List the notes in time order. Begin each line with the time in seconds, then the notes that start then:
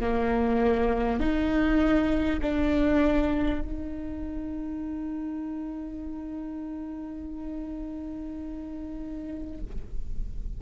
0.00 A#3
1.20 D#4
2.42 D4
3.61 D#4